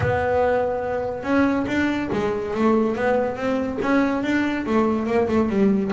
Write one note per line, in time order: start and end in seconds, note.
0.00 1.23 B3
1.23 1.65 C#4
1.67 2.09 D4
2.12 2.54 G#3
2.54 2.95 A3
2.95 3.36 B3
3.36 3.78 C4
3.82 4.23 C#4
4.23 4.65 D4
4.66 5.06 A3
5.06 5.27 A#3
5.28 5.49 A3
5.49 5.91 G3